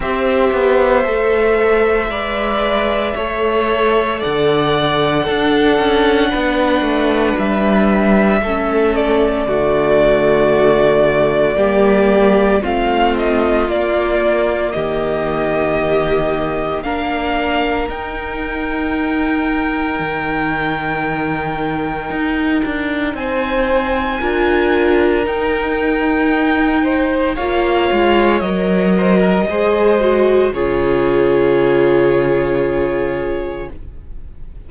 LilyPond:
<<
  \new Staff \with { instrumentName = "violin" } { \time 4/4 \tempo 4 = 57 e''1 | fis''2. e''4~ | e''8 d''2.~ d''8 | f''8 dis''8 d''4 dis''2 |
f''4 g''2.~ | g''2 gis''2 | g''2 f''4 dis''4~ | dis''4 cis''2. | }
  \new Staff \with { instrumentName = "violin" } { \time 4/4 c''2 d''4 cis''4 | d''4 a'4 b'2 | a'4 fis'2 g'4 | f'2 g'2 |
ais'1~ | ais'2 c''4 ais'4~ | ais'4. c''8 cis''4. c''16 ais'16 | c''4 gis'2. | }
  \new Staff \with { instrumentName = "viola" } { \time 4/4 g'4 a'4 b'4 a'4~ | a'4 d'2. | cis'4 a2 ais4 | c'4 ais2. |
d'4 dis'2.~ | dis'2. f'4 | dis'2 f'4 ais'4 | gis'8 fis'8 f'2. | }
  \new Staff \with { instrumentName = "cello" } { \time 4/4 c'8 b8 a4 gis4 a4 | d4 d'8 cis'8 b8 a8 g4 | a4 d2 g4 | a4 ais4 dis2 |
ais4 dis'2 dis4~ | dis4 dis'8 d'8 c'4 d'4 | dis'2 ais8 gis8 fis4 | gis4 cis2. | }
>>